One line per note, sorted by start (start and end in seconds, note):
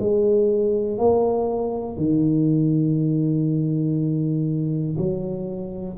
0.00 0.99 G#3
0.99 1.97 A#3
1.97 4.97 D#3
4.98 5.98 F#3